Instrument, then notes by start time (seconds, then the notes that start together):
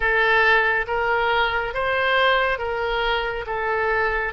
oboe
0.00 A4
0.87 A#4
1.74 C5
2.58 A#4
3.46 A4